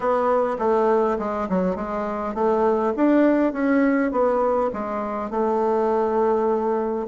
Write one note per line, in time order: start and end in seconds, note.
0.00 0.57 B3
0.58 1.17 A3
1.18 1.48 G#3
1.49 1.75 F#3
1.75 2.34 G#3
2.34 2.93 A3
2.96 3.53 D4
3.53 4.11 C#4
4.11 4.70 B3
4.73 5.30 G#3
5.30 7.06 A3